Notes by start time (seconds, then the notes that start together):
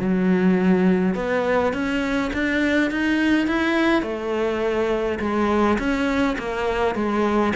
0.00 F#3
1.15 B3
1.73 C#4
2.34 D4
2.91 D#4
3.48 E4
4.03 A3
5.20 G#3
5.79 C#4
6.39 A#3
6.96 G#3